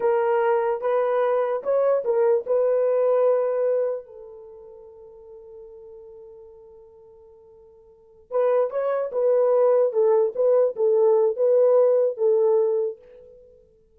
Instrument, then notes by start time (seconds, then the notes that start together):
horn
0.00 A#4
0.81 B4
1.63 C#5
2.04 A#4
2.46 B4
4.05 A4
8.30 B4
8.70 C#5
9.11 B4
9.92 A4
10.35 B4
10.75 A4
11.36 B4
12.17 A4